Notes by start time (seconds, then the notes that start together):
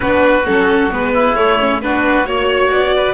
0.00 B3 D4 F#4 B4
0.46 F#3 C#4 A4
0.91 G#3 B3 B4
1.13 E4
1.35 A3 C#5
1.59 C#4
1.81 B3 D4 F#4 B4
2.25 A#3 F#4 C#5
2.70 B3 D5
2.96 B4